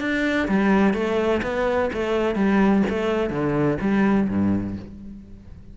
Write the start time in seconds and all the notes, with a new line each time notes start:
0.00 D4
0.48 G3
0.94 A3
1.42 B3
1.93 A3
2.35 G3
2.89 A3
3.30 D3
3.81 G3
4.29 G2